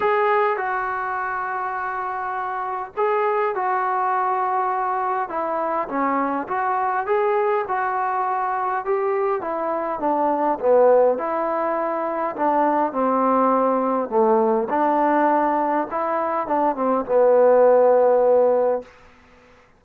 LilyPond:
\new Staff \with { instrumentName = "trombone" } { \time 4/4 \tempo 4 = 102 gis'4 fis'2.~ | fis'4 gis'4 fis'2~ | fis'4 e'4 cis'4 fis'4 | gis'4 fis'2 g'4 |
e'4 d'4 b4 e'4~ | e'4 d'4 c'2 | a4 d'2 e'4 | d'8 c'8 b2. | }